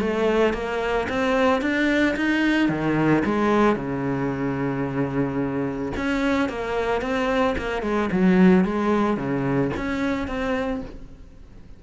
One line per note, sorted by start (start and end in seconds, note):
0.00 0.54 A3
0.54 1.08 A#3
1.09 1.61 C4
1.61 2.15 D4
2.16 2.69 D#4
2.69 3.23 D#3
3.25 3.76 G#3
3.76 5.92 C#3
5.97 6.49 C#4
6.49 7.01 A#3
7.01 7.55 C4
7.58 7.82 A#3
7.82 8.09 G#3
8.12 8.65 F#3
8.65 9.17 G#3
9.17 9.71 C#3
9.77 10.28 C#4
10.28 10.82 C4